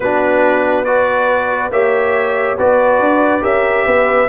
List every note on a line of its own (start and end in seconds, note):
0.00 1.70 B3
0.00 0.85 D4
0.00 0.86 F#4
0.00 0.84 B4
0.84 1.71 F#4
0.84 1.72 B4
0.84 1.70 D5
1.70 2.56 A#3
1.70 2.57 G4
1.70 2.57 C#5
1.70 2.57 E5
2.57 2.99 B3
2.57 3.40 F#4
2.57 3.42 B4
2.57 3.43 D5
2.99 3.42 D4
3.40 3.85 C#4
3.40 4.26 G4
3.40 3.85 A#4
3.40 4.29 E5
3.85 4.29 B3
3.85 4.28 B4